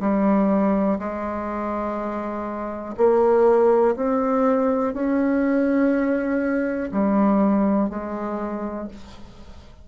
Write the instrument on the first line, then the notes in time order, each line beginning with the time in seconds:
bassoon
0.00 G3
0.99 G#3
2.97 A#3
3.96 C4
4.94 C#4
6.92 G3
7.90 G#3